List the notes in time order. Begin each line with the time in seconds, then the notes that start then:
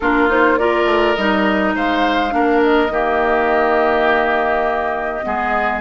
0.00 A#3 D4 F4 A#4
0.28 D#4 C5
0.58 F4 A#4 D5
0.85 A3
1.15 G3 D#4 D#5
1.74 G#3 C5 F5
2.30 A#3 D4 A#4
2.62 D#5
2.89 D#3 A#3 G4
5.22 G#3 B3 G#4